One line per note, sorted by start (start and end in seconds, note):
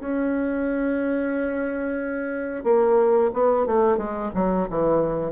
0.00 2.64 C#4
2.64 3.31 A#3
3.34 3.67 B3
3.67 3.98 A3
3.98 4.31 G#3
4.35 4.68 F#3
4.70 5.32 E3